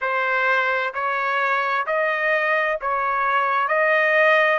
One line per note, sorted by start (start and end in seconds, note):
0.01 0.93 C5
0.94 1.86 C#5
1.86 2.78 D#5
2.81 3.68 C#5
3.68 4.59 D#5